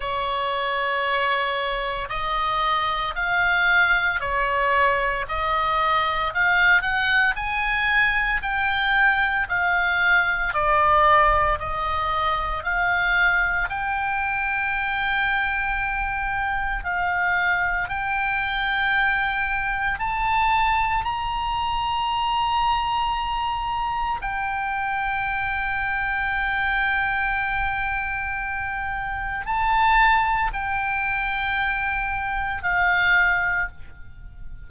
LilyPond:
\new Staff \with { instrumentName = "oboe" } { \time 4/4 \tempo 4 = 57 cis''2 dis''4 f''4 | cis''4 dis''4 f''8 fis''8 gis''4 | g''4 f''4 d''4 dis''4 | f''4 g''2. |
f''4 g''2 a''4 | ais''2. g''4~ | g''1 | a''4 g''2 f''4 | }